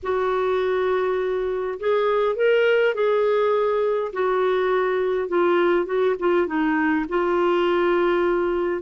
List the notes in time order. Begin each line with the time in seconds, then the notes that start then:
0.02 F#4
1.79 G#4
2.35 A#4
2.94 G#4
4.13 F#4
5.28 F4
5.85 F#4
6.19 F4
6.46 D#4
7.08 F4